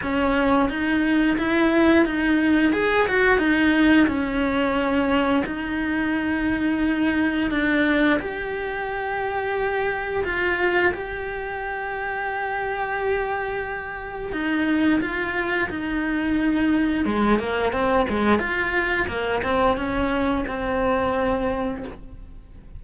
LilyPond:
\new Staff \with { instrumentName = "cello" } { \time 4/4 \tempo 4 = 88 cis'4 dis'4 e'4 dis'4 | gis'8 fis'8 dis'4 cis'2 | dis'2. d'4 | g'2. f'4 |
g'1~ | g'4 dis'4 f'4 dis'4~ | dis'4 gis8 ais8 c'8 gis8 f'4 | ais8 c'8 cis'4 c'2 | }